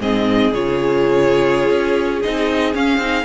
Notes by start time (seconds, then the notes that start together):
0.00 G#2 C4 G#4 D#5
0.53 C#3 F4 C#5
1.70 C#4
2.23 C4 D#4 D#5
2.75 C#4 F5
2.98 C4 D#4